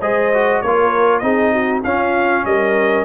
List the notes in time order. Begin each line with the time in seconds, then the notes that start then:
0.00 G#3 G#4 C5 D#5
0.34 F#4
0.61 A#3 F4 A#4 C#5
1.19 C4 D#4 G#4 D#5
1.52 F#4
1.84 C#4 F4 F5
2.45 G3 A#4 D#5